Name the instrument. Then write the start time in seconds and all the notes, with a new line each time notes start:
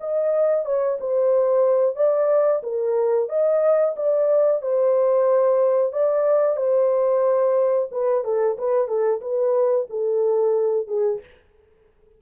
horn
0.00 D#5
0.65 C#5
1.00 C5
1.96 D5
2.63 A#4
3.29 D#5
3.96 D5
4.62 C5
5.93 D5
6.57 C5
7.91 B4
8.24 A4
8.58 B4
8.87 A4
9.21 B4
9.90 A4
10.87 G#4